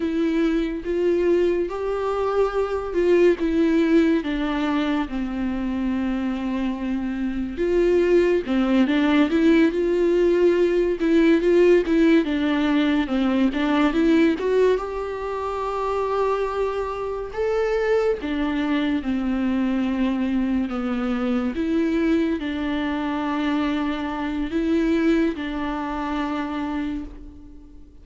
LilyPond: \new Staff \with { instrumentName = "viola" } { \time 4/4 \tempo 4 = 71 e'4 f'4 g'4. f'8 | e'4 d'4 c'2~ | c'4 f'4 c'8 d'8 e'8 f'8~ | f'4 e'8 f'8 e'8 d'4 c'8 |
d'8 e'8 fis'8 g'2~ g'8~ | g'8 a'4 d'4 c'4.~ | c'8 b4 e'4 d'4.~ | d'4 e'4 d'2 | }